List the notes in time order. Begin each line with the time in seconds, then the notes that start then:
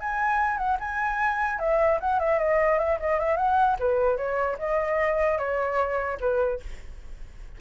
0.00 G#5
0.57 F#5
0.80 G#5
1.59 E5
2.00 F#5
2.19 E5
2.38 D#5
2.78 E5
2.99 D#5
3.19 E5
3.36 F#5
3.79 B4
4.17 C#5
4.58 D#5
5.38 C#5
6.20 B4